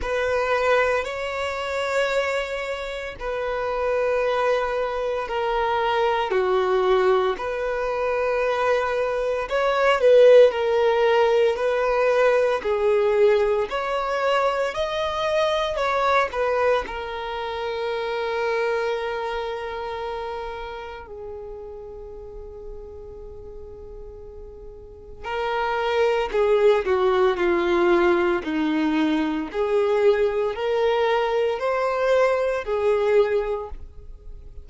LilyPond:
\new Staff \with { instrumentName = "violin" } { \time 4/4 \tempo 4 = 57 b'4 cis''2 b'4~ | b'4 ais'4 fis'4 b'4~ | b'4 cis''8 b'8 ais'4 b'4 | gis'4 cis''4 dis''4 cis''8 b'8 |
ais'1 | gis'1 | ais'4 gis'8 fis'8 f'4 dis'4 | gis'4 ais'4 c''4 gis'4 | }